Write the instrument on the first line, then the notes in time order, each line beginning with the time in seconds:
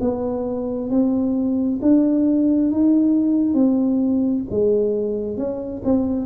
tuba
0.00 B3
0.90 C4
1.81 D4
2.71 D#4
3.54 C4
4.50 G#3
5.37 C#4
5.84 C4